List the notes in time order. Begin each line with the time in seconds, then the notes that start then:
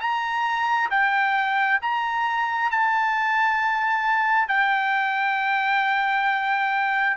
0.00 A#5
0.90 G5
1.82 A#5
2.71 A5
4.48 G5